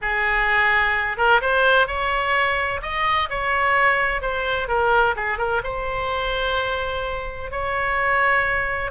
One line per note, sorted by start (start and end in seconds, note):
0.01 1.17 G#4
1.17 1.40 A#4
1.41 1.87 C5
1.87 2.81 C#5
2.82 3.29 D#5
3.29 4.21 C#5
4.21 4.68 C5
4.68 5.15 A#4
5.16 5.38 G#4
5.38 5.61 A#4
5.63 7.51 C5
7.51 8.91 C#5